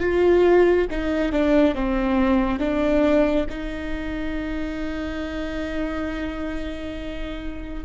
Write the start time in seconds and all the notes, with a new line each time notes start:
0.00 F4
0.91 D#4
1.32 D4
1.75 C4
2.59 D4
3.49 D#4